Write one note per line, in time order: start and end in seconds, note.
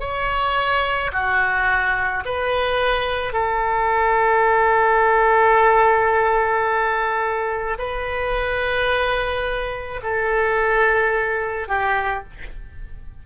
0.00 1.11 C#5
1.12 2.23 F#4
2.25 3.33 B4
3.33 7.77 A4
7.78 10.01 B4
10.03 11.68 A4
11.68 12.24 G4